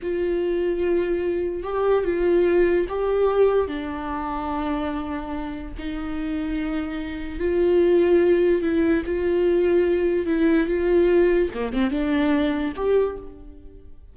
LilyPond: \new Staff \with { instrumentName = "viola" } { \time 4/4 \tempo 4 = 146 f'1 | g'4 f'2 g'4~ | g'4 d'2.~ | d'2 dis'2~ |
dis'2 f'2~ | f'4 e'4 f'2~ | f'4 e'4 f'2 | ais8 c'8 d'2 g'4 | }